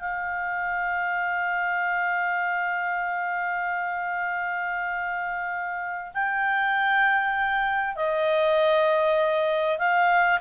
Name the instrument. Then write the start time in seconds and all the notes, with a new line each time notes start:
clarinet
0.00 F5
6.14 G5
7.96 D#5
9.79 F5